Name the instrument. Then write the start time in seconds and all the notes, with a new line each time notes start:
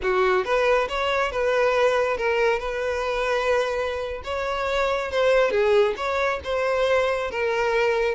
violin
0.02 F#4
0.44 B4
0.88 C#5
1.31 B4
2.17 A#4
2.59 B4
4.24 C#5
5.11 C5
5.50 G#4
5.96 C#5
6.43 C5
7.30 A#4